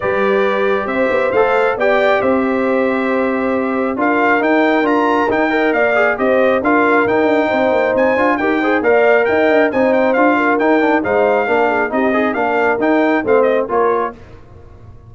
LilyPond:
<<
  \new Staff \with { instrumentName = "trumpet" } { \time 4/4 \tempo 4 = 136 d''2 e''4 f''4 | g''4 e''2.~ | e''4 f''4 g''4 ais''4 | g''4 f''4 dis''4 f''4 |
g''2 gis''4 g''4 | f''4 g''4 gis''8 g''8 f''4 | g''4 f''2 dis''4 | f''4 g''4 f''8 dis''8 cis''4 | }
  \new Staff \with { instrumentName = "horn" } { \time 4/4 b'2 c''2 | d''4 c''2.~ | c''4 ais'2.~ | ais'8 dis''8 d''4 c''4 ais'4~ |
ais'4 c''2 ais'8 c''8 | d''4 dis''4 c''4. ais'8~ | ais'4 c''4 ais'8 gis'8 g'8 dis'8 | ais'2 c''4 ais'4 | }
  \new Staff \with { instrumentName = "trombone" } { \time 4/4 g'2. a'4 | g'1~ | g'4 f'4 dis'4 f'4 | dis'8 ais'4 gis'8 g'4 f'4 |
dis'2~ dis'8 f'8 g'8 gis'8 | ais'2 dis'4 f'4 | dis'8 d'8 dis'4 d'4 dis'8 gis'8 | d'4 dis'4 c'4 f'4 | }
  \new Staff \with { instrumentName = "tuba" } { \time 4/4 g2 c'8 b8 a4 | b4 c'2.~ | c'4 d'4 dis'4 d'4 | dis'4 ais4 c'4 d'4 |
dis'8 d'8 c'8 ais8 c'8 d'8 dis'4 | ais4 dis'8 d'8 c'4 d'4 | dis'4 gis4 ais4 c'4 | ais4 dis'4 a4 ais4 | }
>>